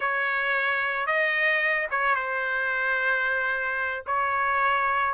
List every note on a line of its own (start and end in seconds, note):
0.00 1.06 C#5
1.06 1.87 D#5
1.90 2.15 C#5
2.15 4.04 C5
4.06 5.14 C#5